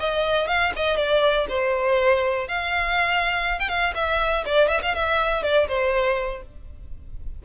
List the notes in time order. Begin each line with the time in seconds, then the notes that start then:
0.00 D#5
0.48 F5
0.76 D#5
0.97 D5
1.49 C5
2.48 F5
3.60 G5
3.69 F5
3.95 E5
4.46 D5
4.69 E5
4.83 F5
4.95 E5
5.43 D5
5.68 C5